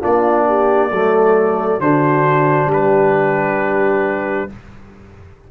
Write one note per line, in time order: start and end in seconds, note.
0.00 0.91 A#3
0.00 0.91 D4
0.00 0.45 F4
0.00 1.81 D5
0.48 0.90 G4
0.90 1.79 F#3
0.90 1.81 A3
0.90 1.79 A4
1.79 2.66 D3
1.79 4.49 D4
1.79 2.70 F#4
1.79 2.70 C5
2.66 4.45 G3
2.66 4.49 G4
2.66 4.51 B4